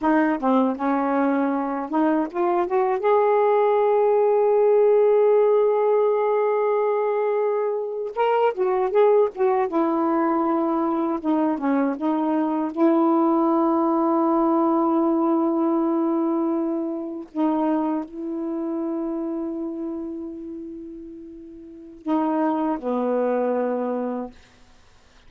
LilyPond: \new Staff \with { instrumentName = "saxophone" } { \time 4/4 \tempo 4 = 79 dis'8 c'8 cis'4. dis'8 f'8 fis'8 | gis'1~ | gis'2~ gis'8. ais'8 fis'8 gis'16~ | gis'16 fis'8 e'2 dis'8 cis'8 dis'16~ |
dis'8. e'2.~ e'16~ | e'2~ e'8. dis'4 e'16~ | e'1~ | e'4 dis'4 b2 | }